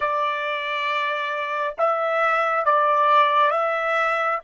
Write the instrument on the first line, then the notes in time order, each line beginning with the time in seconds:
trumpet
0.00 D5
1.78 E5
2.65 D5
3.51 E5